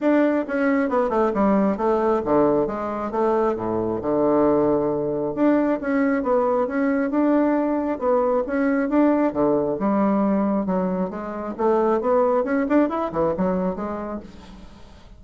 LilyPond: \new Staff \with { instrumentName = "bassoon" } { \time 4/4 \tempo 4 = 135 d'4 cis'4 b8 a8 g4 | a4 d4 gis4 a4 | a,4 d2. | d'4 cis'4 b4 cis'4 |
d'2 b4 cis'4 | d'4 d4 g2 | fis4 gis4 a4 b4 | cis'8 d'8 e'8 e8 fis4 gis4 | }